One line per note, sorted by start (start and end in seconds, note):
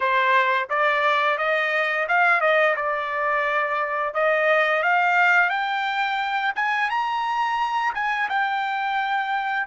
0.00 0.68 C5
0.69 1.38 D5
1.38 2.07 D#5
2.08 2.40 F5
2.40 2.75 D#5
2.76 4.14 D5
4.14 4.82 D#5
4.82 5.49 F5
5.49 6.53 G5
6.55 6.90 G#5
6.90 7.93 A#5
7.94 8.29 G#5
8.29 9.66 G5